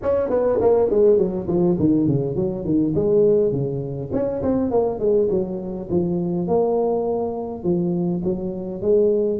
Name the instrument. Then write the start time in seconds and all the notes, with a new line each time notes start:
tuba
0.02 C#4
0.29 B3
0.60 A#3
0.90 G#3
1.17 F#3
1.47 F3
1.79 D#3
2.07 C#3
2.35 F#3
2.64 D#3
2.95 G#3
3.52 C#3
4.12 C#4
4.42 C4
4.70 A#3
4.99 G#3
5.29 F#3
5.90 F3
6.47 A#3
7.63 F3
8.24 F#3
8.81 G#3